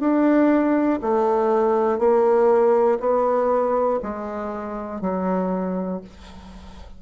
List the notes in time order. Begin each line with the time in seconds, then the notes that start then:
0.00 D4
1.01 A3
1.99 A#3
3.00 B3
4.02 G#3
5.01 F#3